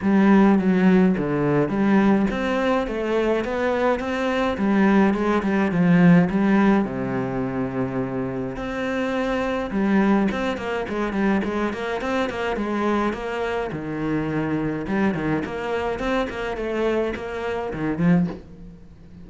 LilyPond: \new Staff \with { instrumentName = "cello" } { \time 4/4 \tempo 4 = 105 g4 fis4 d4 g4 | c'4 a4 b4 c'4 | g4 gis8 g8 f4 g4 | c2. c'4~ |
c'4 g4 c'8 ais8 gis8 g8 | gis8 ais8 c'8 ais8 gis4 ais4 | dis2 g8 dis8 ais4 | c'8 ais8 a4 ais4 dis8 f8 | }